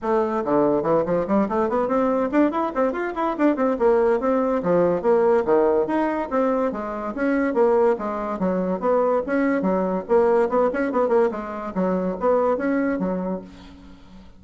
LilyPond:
\new Staff \with { instrumentName = "bassoon" } { \time 4/4 \tempo 4 = 143 a4 d4 e8 f8 g8 a8 | b8 c'4 d'8 e'8 c'8 f'8 e'8 | d'8 c'8 ais4 c'4 f4 | ais4 dis4 dis'4 c'4 |
gis4 cis'4 ais4 gis4 | fis4 b4 cis'4 fis4 | ais4 b8 cis'8 b8 ais8 gis4 | fis4 b4 cis'4 fis4 | }